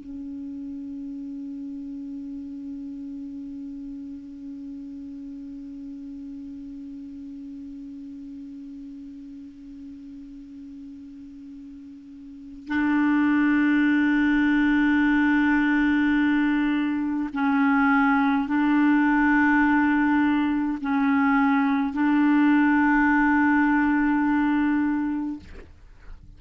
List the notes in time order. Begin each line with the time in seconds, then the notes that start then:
0.00 C#4
12.68 D4
17.33 C#4
18.47 D4
20.81 C#4
21.93 D4